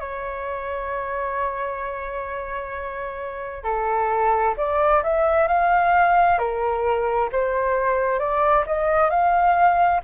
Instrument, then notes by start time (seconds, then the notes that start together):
flute
0.00 C#5
3.64 A4
4.57 D5
5.03 E5
5.48 F5
6.38 A#4
7.32 C5
8.19 D5
8.66 D#5
9.10 F5